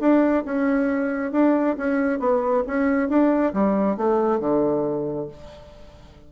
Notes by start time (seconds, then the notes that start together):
0.00 D4
0.45 C#4
1.32 D4
1.77 C#4
2.19 B3
2.67 C#4
3.09 D4
3.53 G3
3.97 A3
4.40 D3